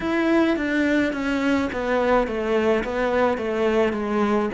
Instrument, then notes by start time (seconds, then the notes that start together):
cello
0.00 E4
0.56 D4
1.13 C#4
1.72 B3
2.26 A3
2.84 B3
3.37 A3
3.93 G#3